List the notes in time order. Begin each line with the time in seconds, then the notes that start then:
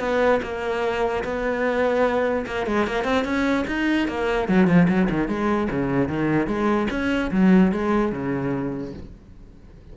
0.00 B3
0.43 A#3
1.24 B3
2.47 A#3
2.67 G#3
2.87 A#3
3.04 C4
3.25 C#4
3.68 D#4
4.08 A#3
4.49 F#3
4.67 F3
4.89 F#3
5.10 D#3
5.28 G#3
5.71 C#3
6.08 D#3
6.47 G#3
6.90 C#4
7.32 F#3
7.72 G#3
8.12 C#3